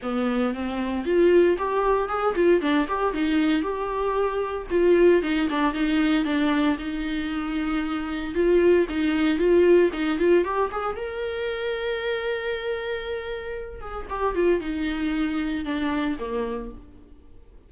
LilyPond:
\new Staff \with { instrumentName = "viola" } { \time 4/4 \tempo 4 = 115 b4 c'4 f'4 g'4 | gis'8 f'8 d'8 g'8 dis'4 g'4~ | g'4 f'4 dis'8 d'8 dis'4 | d'4 dis'2. |
f'4 dis'4 f'4 dis'8 f'8 | g'8 gis'8 ais'2.~ | ais'2~ ais'8 gis'8 g'8 f'8 | dis'2 d'4 ais4 | }